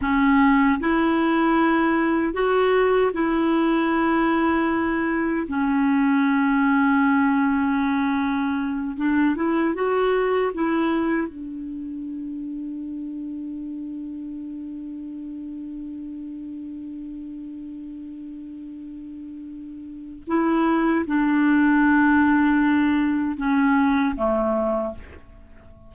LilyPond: \new Staff \with { instrumentName = "clarinet" } { \time 4/4 \tempo 4 = 77 cis'4 e'2 fis'4 | e'2. cis'4~ | cis'2.~ cis'8 d'8 | e'8 fis'4 e'4 d'4.~ |
d'1~ | d'1~ | d'2 e'4 d'4~ | d'2 cis'4 a4 | }